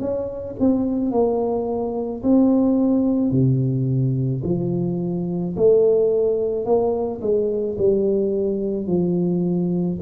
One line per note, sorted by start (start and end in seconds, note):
0.00 0.56 C#4
0.60 1.12 C4
1.12 2.23 A#3
2.23 3.32 C4
3.32 4.43 C3
4.44 5.56 F3
5.57 6.66 A3
6.66 7.21 A#3
7.22 7.77 G#3
7.78 8.87 G3
8.87 9.98 F3